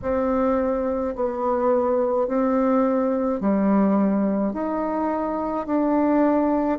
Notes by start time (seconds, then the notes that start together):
0.02 C4
1.15 B3
2.27 C4
3.40 G3
4.53 D#4
5.66 D4